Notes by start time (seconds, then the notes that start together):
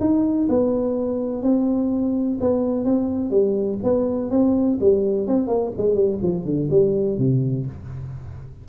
0.00 D#4
0.49 B3
1.43 C4
2.41 B3
2.85 C4
3.31 G3
3.83 B3
4.31 C4
4.81 G3
5.27 C4
5.48 A#3
5.77 G#3
5.95 G3
6.23 F3
6.45 D3
6.70 G3
7.18 C3